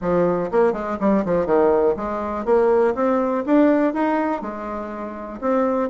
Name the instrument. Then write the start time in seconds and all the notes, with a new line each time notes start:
bassoon
0.01 F3
0.51 A#3
0.72 G#3
1.00 G3
1.25 F3
1.46 D#3
1.96 G#3
2.45 A#3
2.94 C4
3.46 D4
3.93 D#4
4.42 G#3
5.41 C4